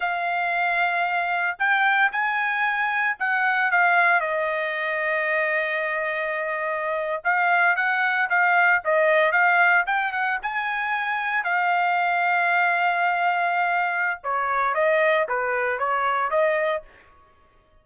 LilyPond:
\new Staff \with { instrumentName = "trumpet" } { \time 4/4 \tempo 4 = 114 f''2. g''4 | gis''2 fis''4 f''4 | dis''1~ | dis''4.~ dis''16 f''4 fis''4 f''16~ |
f''8. dis''4 f''4 g''8 fis''8 gis''16~ | gis''4.~ gis''16 f''2~ f''16~ | f''2. cis''4 | dis''4 b'4 cis''4 dis''4 | }